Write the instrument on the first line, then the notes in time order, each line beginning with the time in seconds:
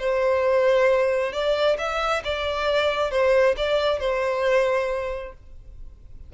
violin
0.00 C5
1.33 D5
1.79 E5
2.25 D5
3.12 C5
3.57 D5
4.00 C5